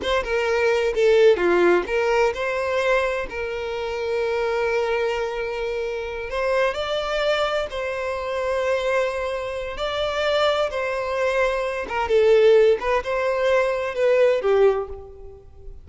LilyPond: \new Staff \with { instrumentName = "violin" } { \time 4/4 \tempo 4 = 129 c''8 ais'4. a'4 f'4 | ais'4 c''2 ais'4~ | ais'1~ | ais'4. c''4 d''4.~ |
d''8 c''2.~ c''8~ | c''4 d''2 c''4~ | c''4. ais'8 a'4. b'8 | c''2 b'4 g'4 | }